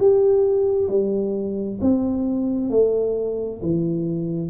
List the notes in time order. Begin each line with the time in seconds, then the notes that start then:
0.00 G4
0.89 G3
1.82 C4
2.71 A3
3.62 E3